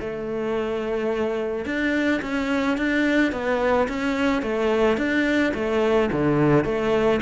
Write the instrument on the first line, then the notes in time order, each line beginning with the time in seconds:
cello
0.00 A3
1.65 D4
2.21 C#4
2.77 D4
3.32 B3
3.88 C#4
4.42 A3
4.97 D4
5.54 A3
6.11 D3
6.64 A3